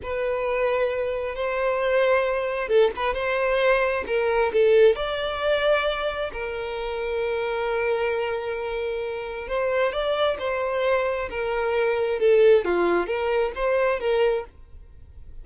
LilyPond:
\new Staff \with { instrumentName = "violin" } { \time 4/4 \tempo 4 = 133 b'2. c''4~ | c''2 a'8 b'8 c''4~ | c''4 ais'4 a'4 d''4~ | d''2 ais'2~ |
ais'1~ | ais'4 c''4 d''4 c''4~ | c''4 ais'2 a'4 | f'4 ais'4 c''4 ais'4 | }